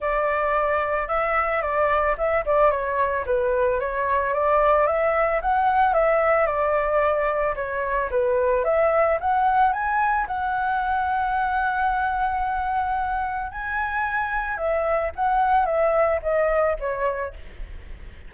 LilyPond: \new Staff \with { instrumentName = "flute" } { \time 4/4 \tempo 4 = 111 d''2 e''4 d''4 | e''8 d''8 cis''4 b'4 cis''4 | d''4 e''4 fis''4 e''4 | d''2 cis''4 b'4 |
e''4 fis''4 gis''4 fis''4~ | fis''1~ | fis''4 gis''2 e''4 | fis''4 e''4 dis''4 cis''4 | }